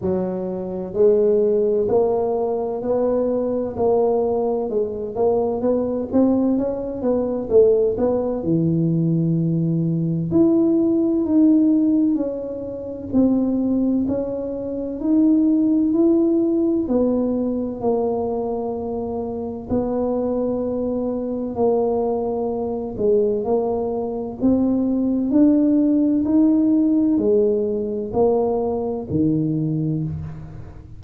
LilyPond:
\new Staff \with { instrumentName = "tuba" } { \time 4/4 \tempo 4 = 64 fis4 gis4 ais4 b4 | ais4 gis8 ais8 b8 c'8 cis'8 b8 | a8 b8 e2 e'4 | dis'4 cis'4 c'4 cis'4 |
dis'4 e'4 b4 ais4~ | ais4 b2 ais4~ | ais8 gis8 ais4 c'4 d'4 | dis'4 gis4 ais4 dis4 | }